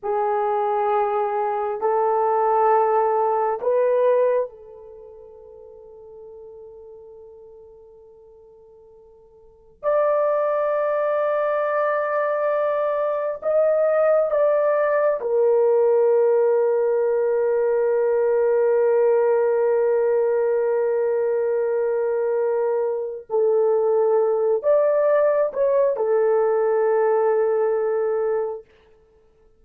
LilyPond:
\new Staff \with { instrumentName = "horn" } { \time 4/4 \tempo 4 = 67 gis'2 a'2 | b'4 a'2.~ | a'2. d''4~ | d''2. dis''4 |
d''4 ais'2.~ | ais'1~ | ais'2 a'4. d''8~ | d''8 cis''8 a'2. | }